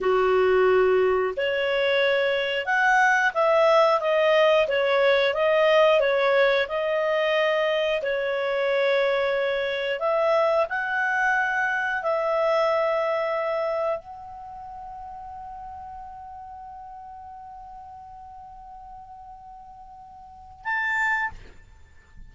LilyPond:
\new Staff \with { instrumentName = "clarinet" } { \time 4/4 \tempo 4 = 90 fis'2 cis''2 | fis''4 e''4 dis''4 cis''4 | dis''4 cis''4 dis''2 | cis''2. e''4 |
fis''2 e''2~ | e''4 fis''2.~ | fis''1~ | fis''2. a''4 | }